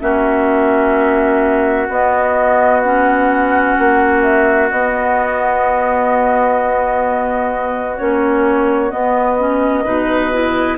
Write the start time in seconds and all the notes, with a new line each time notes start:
0.00 A#3 C#4 F#4 E5
1.88 B3 D#5
2.80 C#4 F#5
3.78 A#3
4.22 E5
4.70 B3 D#5
7.97 A#3 C#4 C#5
8.90 B3 D#5
9.37 C#4
9.84 B2 D#4 B4
10.32 E4